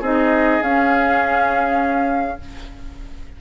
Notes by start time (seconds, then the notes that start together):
0.00 C4 D#4 G#4 D#5
0.61 C#4 F5